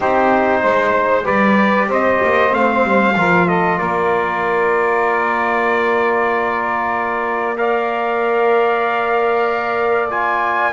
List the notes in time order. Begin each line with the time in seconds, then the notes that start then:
0.00 C4 D#4 G4 C5
0.61 G#3 C5
1.23 G3 G4 B4 D5
1.88 C4 C5 D#5
2.23 A#3
2.50 A3 C4 F5
2.84 G3
3.15 F3 F4 A#4
3.46 A4 D#5
3.78 A#3 A#4 D5
7.57 A#4 D5 F5
10.09 F4 G#5